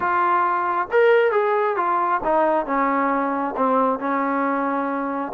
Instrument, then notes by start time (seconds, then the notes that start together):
trombone
0.00 F4
0.91 A#4
1.31 G#4
1.76 F4
2.23 D#4
2.65 C#4
3.56 C4
3.99 C#4